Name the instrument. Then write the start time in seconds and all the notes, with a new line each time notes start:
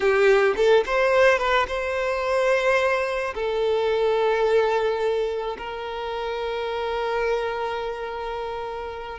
violin
0.00 G4
0.56 A4
0.86 C5
1.38 B4
1.67 C5
3.34 A4
5.57 A#4